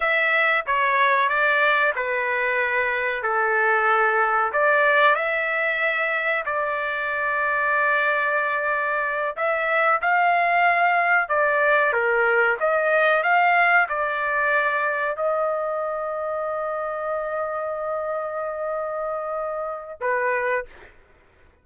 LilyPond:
\new Staff \with { instrumentName = "trumpet" } { \time 4/4 \tempo 4 = 93 e''4 cis''4 d''4 b'4~ | b'4 a'2 d''4 | e''2 d''2~ | d''2~ d''8 e''4 f''8~ |
f''4. d''4 ais'4 dis''8~ | dis''8 f''4 d''2 dis''8~ | dis''1~ | dis''2. b'4 | }